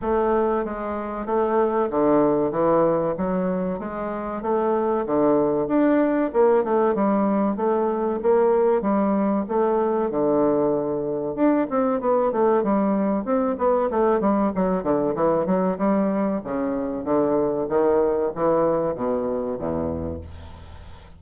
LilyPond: \new Staff \with { instrumentName = "bassoon" } { \time 4/4 \tempo 4 = 95 a4 gis4 a4 d4 | e4 fis4 gis4 a4 | d4 d'4 ais8 a8 g4 | a4 ais4 g4 a4 |
d2 d'8 c'8 b8 a8 | g4 c'8 b8 a8 g8 fis8 d8 | e8 fis8 g4 cis4 d4 | dis4 e4 b,4 e,4 | }